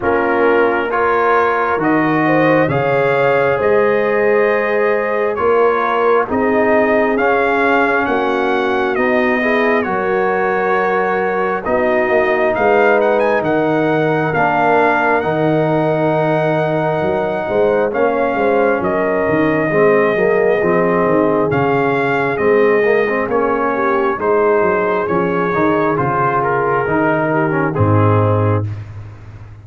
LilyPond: <<
  \new Staff \with { instrumentName = "trumpet" } { \time 4/4 \tempo 4 = 67 ais'4 cis''4 dis''4 f''4 | dis''2 cis''4 dis''4 | f''4 fis''4 dis''4 cis''4~ | cis''4 dis''4 f''8 fis''16 gis''16 fis''4 |
f''4 fis''2. | f''4 dis''2. | f''4 dis''4 cis''4 c''4 | cis''4 c''8 ais'4. gis'4 | }
  \new Staff \with { instrumentName = "horn" } { \time 4/4 f'4 ais'4. c''8 cis''4 | c''2 ais'4 gis'4~ | gis'4 fis'4. gis'8 ais'4~ | ais'4 fis'4 b'4 ais'4~ |
ais'2.~ ais'8 c''8 | cis''8 c''8 ais'4 gis'2~ | gis'2~ gis'8 g'8 gis'4~ | gis'2~ gis'8 g'8 dis'4 | }
  \new Staff \with { instrumentName = "trombone" } { \time 4/4 cis'4 f'4 fis'4 gis'4~ | gis'2 f'4 dis'4 | cis'2 dis'8 e'8 fis'4~ | fis'4 dis'2. |
d'4 dis'2. | cis'2 c'8 ais8 c'4 | cis'4 c'8 ais16 c'16 cis'4 dis'4 | cis'8 dis'8 f'4 dis'8. cis'16 c'4 | }
  \new Staff \with { instrumentName = "tuba" } { \time 4/4 ais2 dis4 cis4 | gis2 ais4 c'4 | cis'4 ais4 b4 fis4~ | fis4 b8 ais8 gis4 dis4 |
ais4 dis2 fis8 gis8 | ais8 gis8 fis8 dis8 gis8 fis8 f8 dis8 | cis4 gis4 ais4 gis8 fis8 | f8 dis8 cis4 dis4 gis,4 | }
>>